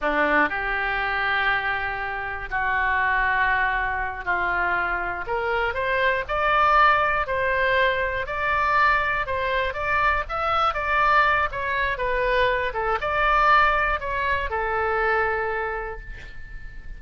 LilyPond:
\new Staff \with { instrumentName = "oboe" } { \time 4/4 \tempo 4 = 120 d'4 g'2.~ | g'4 fis'2.~ | fis'8 f'2 ais'4 c''8~ | c''8 d''2 c''4.~ |
c''8 d''2 c''4 d''8~ | d''8 e''4 d''4. cis''4 | b'4. a'8 d''2 | cis''4 a'2. | }